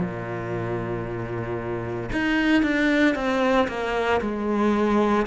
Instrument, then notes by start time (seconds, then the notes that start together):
cello
0.00 A#2
2.12 D#4
2.63 D4
3.15 C4
3.68 A#3
4.21 G#3